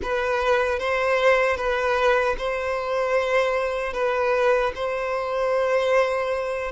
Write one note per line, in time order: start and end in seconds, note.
0.02 0.79 B4
0.79 1.56 C5
1.56 2.35 B4
2.38 3.93 C5
3.93 4.72 B4
4.75 6.71 C5